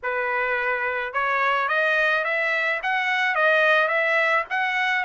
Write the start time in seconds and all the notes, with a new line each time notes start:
0.02 B4
1.13 C#5
1.68 D#5
2.24 E5
2.83 F#5
3.35 D#5
3.88 E5
4.50 F#5